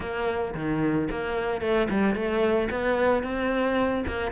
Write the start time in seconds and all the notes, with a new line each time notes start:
0.00 A#3
0.54 D#3
1.11 A#3
1.61 A3
1.89 G3
2.15 A3
2.70 B3
3.23 C4
4.07 A#3